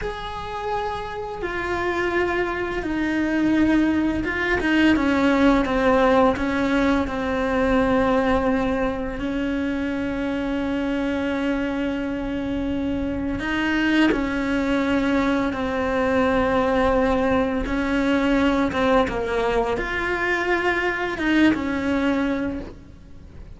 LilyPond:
\new Staff \with { instrumentName = "cello" } { \time 4/4 \tempo 4 = 85 gis'2 f'2 | dis'2 f'8 dis'8 cis'4 | c'4 cis'4 c'2~ | c'4 cis'2.~ |
cis'2. dis'4 | cis'2 c'2~ | c'4 cis'4. c'8 ais4 | f'2 dis'8 cis'4. | }